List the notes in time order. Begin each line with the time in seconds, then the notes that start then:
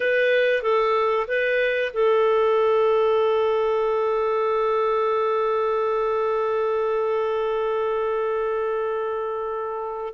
0.00 B4
0.62 A4
1.27 B4
1.93 A4